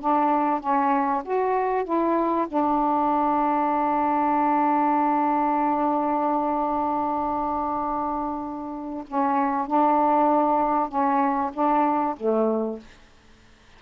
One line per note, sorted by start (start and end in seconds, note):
0.00 0.60 D4
0.60 1.23 C#4
1.25 1.84 F#4
1.84 2.47 E4
2.48 9.04 D4
9.08 9.67 C#4
9.67 10.88 D4
10.88 11.51 C#4
11.53 12.16 D4
12.17 12.79 A3